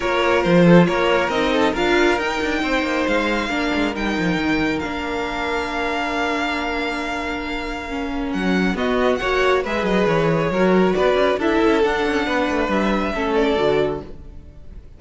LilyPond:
<<
  \new Staff \with { instrumentName = "violin" } { \time 4/4 \tempo 4 = 137 cis''4 c''4 cis''4 dis''4 | f''4 g''2 f''4~ | f''4 g''2 f''4~ | f''1~ |
f''2. fis''4 | dis''4 fis''4 e''8 dis''8 cis''4~ | cis''4 d''4 e''4 fis''4~ | fis''4 e''4. d''4. | }
  \new Staff \with { instrumentName = "violin" } { \time 4/4 ais'4. a'8 ais'4. a'8 | ais'2 c''2 | ais'1~ | ais'1~ |
ais'1 | fis'4 cis''4 b'2 | ais'4 b'4 a'2 | b'2 a'2 | }
  \new Staff \with { instrumentName = "viola" } { \time 4/4 f'2. dis'4 | f'4 dis'2. | d'4 dis'2 d'4~ | d'1~ |
d'2 cis'2 | b4 fis'4 gis'2 | fis'2 e'4 d'4~ | d'2 cis'4 fis'4 | }
  \new Staff \with { instrumentName = "cello" } { \time 4/4 ais4 f4 ais4 c'4 | d'4 dis'8 d'8 c'8 ais8 gis4 | ais8 gis8 g8 f8 dis4 ais4~ | ais1~ |
ais2. fis4 | b4 ais4 gis8 fis8 e4 | fis4 b8 cis'8 d'8 cis'8 d'8 cis'8 | b8 a8 g4 a4 d4 | }
>>